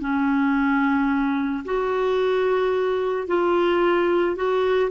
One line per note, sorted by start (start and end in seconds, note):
0.00 1.64 C#4
1.65 3.27 F#4
3.27 4.35 F4
4.35 4.90 F#4